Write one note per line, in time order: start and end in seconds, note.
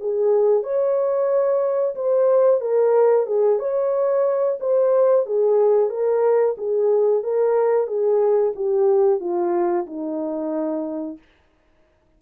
0.00 0.63 G#4
0.63 1.95 C#5
1.95 2.61 C5
2.61 3.26 A#4
3.26 3.59 G#4
3.59 4.58 C#5
4.60 5.26 C5
5.26 5.90 G#4
5.90 6.55 A#4
6.57 7.23 G#4
7.23 7.87 A#4
7.87 8.53 G#4
8.55 9.20 G4
9.20 9.86 F4
9.86 11.18 D#4